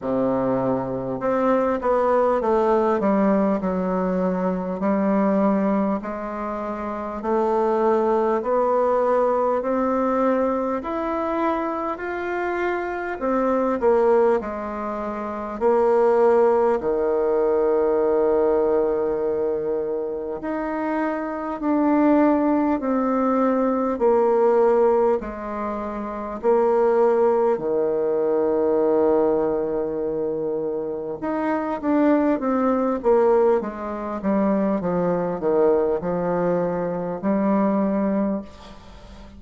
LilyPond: \new Staff \with { instrumentName = "bassoon" } { \time 4/4 \tempo 4 = 50 c4 c'8 b8 a8 g8 fis4 | g4 gis4 a4 b4 | c'4 e'4 f'4 c'8 ais8 | gis4 ais4 dis2~ |
dis4 dis'4 d'4 c'4 | ais4 gis4 ais4 dis4~ | dis2 dis'8 d'8 c'8 ais8 | gis8 g8 f8 dis8 f4 g4 | }